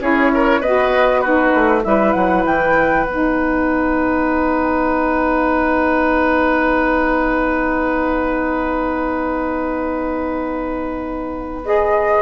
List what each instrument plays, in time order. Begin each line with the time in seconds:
0.00 bassoon C#4, saxophone E4, oboe G#4, flute C#5
0.34 oboe A#4
0.60 bassoon B3, saxophone F#4, oboe B4, flute D#5
1.21 saxophone D#4, oboe F#4, flute B4
1.55 bassoon A3
1.83 bassoon G3, saxophone E4, oboe B4, flute E5
2.13 bassoon F#3, flute F#5
2.45 bassoon E3, flute G5
3.06 bassoon B3, saxophone D#4, flute F#5
11.64 saxophone G#4, flute D#5